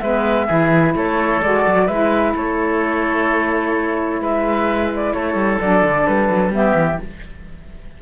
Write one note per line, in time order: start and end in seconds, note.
0.00 0.48 G#3
0.00 0.49 B3
0.00 0.47 B4
0.00 0.93 E5
0.47 0.95 E3
0.47 1.42 E4
0.47 0.93 G#4
0.95 1.41 A3
0.95 1.86 A4
0.95 1.42 C#5
1.42 1.66 G#3
1.42 1.90 F#4
1.42 1.87 D5
1.66 1.88 F#3
1.86 2.34 G#3
1.86 5.62 E4
1.86 2.32 B4
1.86 2.34 E5
2.35 4.20 A3
2.35 4.21 A4
2.35 4.22 C#5
4.20 5.13 G#3
4.20 5.14 B4
4.20 4.92 E5
4.95 5.13 D5
5.13 5.35 A3
5.13 6.53 A4
5.13 5.59 C#5
5.35 5.58 G3
5.61 5.83 F#3
5.61 6.52 D4
5.61 6.06 D5
5.83 6.06 D3
6.06 6.29 G3
6.06 6.53 B4
6.29 6.49 F#3
6.49 6.72 G3
6.49 6.98 B3
6.49 7.00 E5
6.55 7.02 G4
6.75 6.98 E3